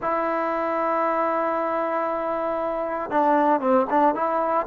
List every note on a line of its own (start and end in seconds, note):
0.02 3.10 E4
3.10 3.60 D4
3.60 3.86 C4
3.90 4.14 D4
4.14 4.66 E4